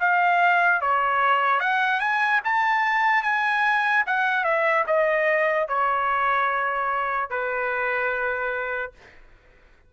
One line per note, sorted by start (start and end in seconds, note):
0.00 0.81 F5
0.81 1.60 C#5
1.60 2.00 F#5
2.00 2.40 G#5
2.44 3.23 A5
3.23 4.04 G#5
4.06 4.44 F#5
4.44 4.84 E5
4.87 5.68 D#5
5.68 7.30 C#5
7.30 8.92 B4